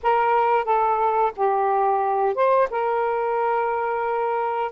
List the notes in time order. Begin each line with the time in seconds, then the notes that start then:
0.02 A#4
0.64 A4
1.36 G4
2.34 C5
2.70 A#4